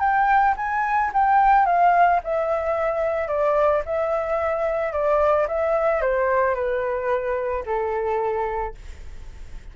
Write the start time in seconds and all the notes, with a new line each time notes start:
0.00 G5
0.57 G#5
1.14 G5
1.66 F5
2.24 E5
3.28 D5
3.86 E5
4.93 D5
5.48 E5
6.01 C5
6.55 B4
7.66 A4